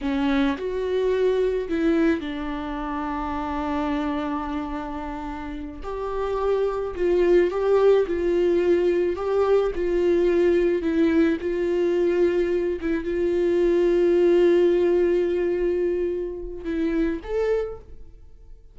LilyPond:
\new Staff \with { instrumentName = "viola" } { \time 4/4 \tempo 4 = 108 cis'4 fis'2 e'4 | d'1~ | d'2~ d'8 g'4.~ | g'8 f'4 g'4 f'4.~ |
f'8 g'4 f'2 e'8~ | e'8 f'2~ f'8 e'8 f'8~ | f'1~ | f'2 e'4 a'4 | }